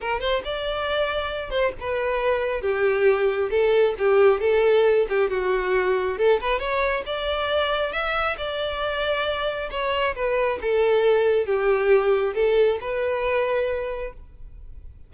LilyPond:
\new Staff \with { instrumentName = "violin" } { \time 4/4 \tempo 4 = 136 ais'8 c''8 d''2~ d''8 c''8 | b'2 g'2 | a'4 g'4 a'4. g'8 | fis'2 a'8 b'8 cis''4 |
d''2 e''4 d''4~ | d''2 cis''4 b'4 | a'2 g'2 | a'4 b'2. | }